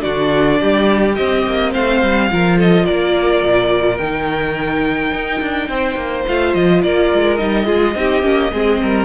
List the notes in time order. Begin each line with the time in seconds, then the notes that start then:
0.00 D3 D4 F#4 D5
0.60 G3 G4
1.15 C4 D#5
1.46 A#3
1.72 A3 C5 F5
2.02 G3
2.31 F3 F4 A#4
2.57 A4 D#5
2.84 A#3 A#4 D5
3.43 A#2
3.97 D#3 D#4 G5
5.12 D#4
5.41 D4
5.69 C4 C5
5.95 A#3
6.27 A3 F4 F5
6.54 F3 D#5
6.83 A#3 A#4 D5
7.13 G#3
7.36 G3 D#4 D#5
7.65 G#3 F4 G#4
7.95 C4 D#4 G4
8.22 A#3 C#4
8.52 G#3 C4 G#4
8.82 G3 A#4